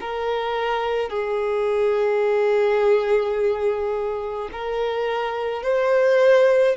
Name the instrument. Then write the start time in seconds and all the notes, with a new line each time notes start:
violin
0.00 A#4
1.10 G#4
4.52 A#4
5.63 C5